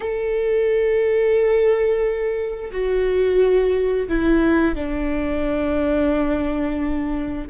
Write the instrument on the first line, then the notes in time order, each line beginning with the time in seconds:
viola
0.00 A4
2.71 F#4
4.08 E4
4.75 D4